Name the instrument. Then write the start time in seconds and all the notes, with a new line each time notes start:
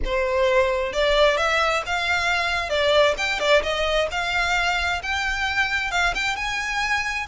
violin
0.04 C5
0.92 D5
1.37 E5
1.86 F5
2.69 D5
3.17 G5
3.39 D5
3.62 D#5
4.11 F5
5.02 G5
5.91 F5
6.14 G5
6.36 G#5